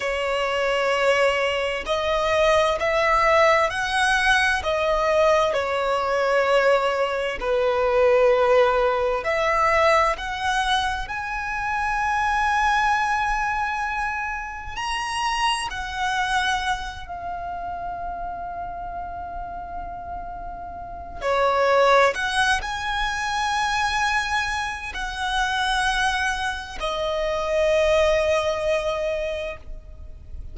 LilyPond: \new Staff \with { instrumentName = "violin" } { \time 4/4 \tempo 4 = 65 cis''2 dis''4 e''4 | fis''4 dis''4 cis''2 | b'2 e''4 fis''4 | gis''1 |
ais''4 fis''4. f''4.~ | f''2. cis''4 | fis''8 gis''2~ gis''8 fis''4~ | fis''4 dis''2. | }